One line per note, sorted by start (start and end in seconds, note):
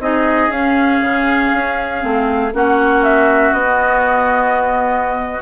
0.00 0.49 C4
0.00 0.51 D#4
0.00 2.54 G#4
0.00 0.52 D#5
0.49 1.00 C#4
0.49 2.00 C#4
0.49 2.53 F5
1.02 1.52 C#3
1.54 2.04 C#4
2.00 2.54 A3
2.00 2.51 C4
2.54 3.53 A#3
2.54 3.64 C#4
2.54 5.42 F#4
2.54 3.04 F#5
3.04 3.54 E5
3.53 5.42 B3
3.53 5.42 D#5
3.64 5.41 B3